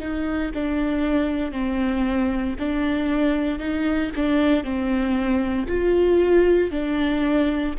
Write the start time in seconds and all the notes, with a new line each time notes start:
0.00 D#4
0.54 D4
1.52 C4
2.59 D4
3.59 D#4
4.16 D4
4.64 C4
5.68 F4
6.71 D4